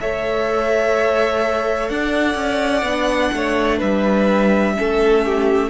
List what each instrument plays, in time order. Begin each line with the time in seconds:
0.00 cello A3, viola A4, violin C#5 E5
1.89 cello D4, violin D5 F#5
2.35 cello C#4
2.82 cello B3, viola D4
3.33 cello A3, violin C#5
3.78 cello G3, violin B4 E5
4.76 cello A3, viola C#4, violin A4
5.25 violin G4